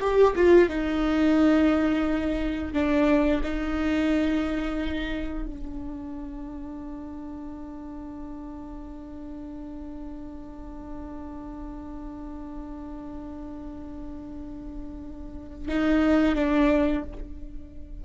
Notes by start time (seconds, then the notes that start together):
0.00 G4
0.36 F4
0.69 D#4
2.74 D4
3.43 D#4
5.46 D4
15.68 D#4
16.35 D4